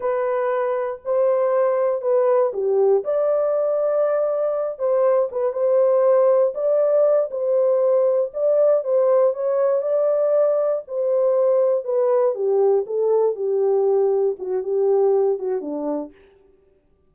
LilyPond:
\new Staff \with { instrumentName = "horn" } { \time 4/4 \tempo 4 = 119 b'2 c''2 | b'4 g'4 d''2~ | d''4. c''4 b'8 c''4~ | c''4 d''4. c''4.~ |
c''8 d''4 c''4 cis''4 d''8~ | d''4. c''2 b'8~ | b'8 g'4 a'4 g'4.~ | g'8 fis'8 g'4. fis'8 d'4 | }